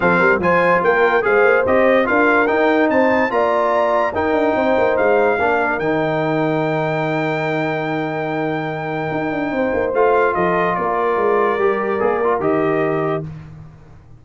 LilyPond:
<<
  \new Staff \with { instrumentName = "trumpet" } { \time 4/4 \tempo 4 = 145 f''4 gis''4 g''4 f''4 | dis''4 f''4 g''4 a''4 | ais''2 g''2 | f''2 g''2~ |
g''1~ | g''1 | f''4 dis''4 d''2~ | d''2 dis''2 | }
  \new Staff \with { instrumentName = "horn" } { \time 4/4 a'8 ais'8 c''4 ais'4 c''4~ | c''4 ais'2 c''4 | d''2 ais'4 c''4~ | c''4 ais'2.~ |
ais'1~ | ais'2. c''4~ | c''4 a'4 ais'2~ | ais'1 | }
  \new Staff \with { instrumentName = "trombone" } { \time 4/4 c'4 f'2 gis'4 | g'4 f'4 dis'2 | f'2 dis'2~ | dis'4 d'4 dis'2~ |
dis'1~ | dis'1 | f'1 | g'4 gis'8 f'8 g'2 | }
  \new Staff \with { instrumentName = "tuba" } { \time 4/4 f8 g8 f4 ais4 gis8 ais8 | c'4 d'4 dis'4 c'4 | ais2 dis'8 d'8 c'8 ais8 | gis4 ais4 dis2~ |
dis1~ | dis2 dis'8 d'8 c'8 ais8 | a4 f4 ais4 gis4 | g4 ais4 dis2 | }
>>